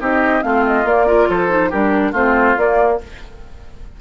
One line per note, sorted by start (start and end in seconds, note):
0.00 0.43 C4
0.00 0.42 D#4
0.00 0.43 G4
0.00 0.43 D#5
0.42 0.84 A3
0.42 0.84 C4
0.42 1.07 F4
0.42 0.64 F5
0.66 0.87 D#5
0.84 1.27 A#3
0.84 1.07 A#3
0.84 1.30 D5
1.07 1.49 F4
1.07 1.28 A#4
1.29 1.72 F3
1.29 1.70 A4
1.29 1.71 C5
1.49 1.70 D#4
1.70 2.12 G3
1.70 2.14 D4
1.70 2.12 G4
1.70 2.14 A#4
2.12 2.55 A3
2.12 2.56 C4
2.12 2.97 F4
2.12 2.58 C5
2.56 2.99 A#3
2.56 3.00 A#3
2.56 3.01 D5